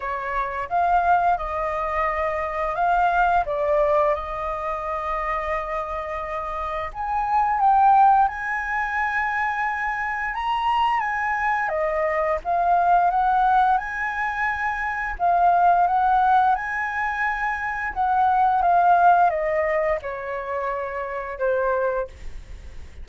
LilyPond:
\new Staff \with { instrumentName = "flute" } { \time 4/4 \tempo 4 = 87 cis''4 f''4 dis''2 | f''4 d''4 dis''2~ | dis''2 gis''4 g''4 | gis''2. ais''4 |
gis''4 dis''4 f''4 fis''4 | gis''2 f''4 fis''4 | gis''2 fis''4 f''4 | dis''4 cis''2 c''4 | }